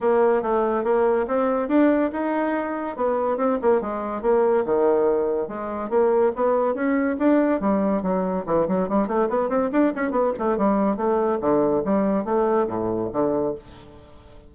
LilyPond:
\new Staff \with { instrumentName = "bassoon" } { \time 4/4 \tempo 4 = 142 ais4 a4 ais4 c'4 | d'4 dis'2 b4 | c'8 ais8 gis4 ais4 dis4~ | dis4 gis4 ais4 b4 |
cis'4 d'4 g4 fis4 | e8 fis8 g8 a8 b8 c'8 d'8 cis'8 | b8 a8 g4 a4 d4 | g4 a4 a,4 d4 | }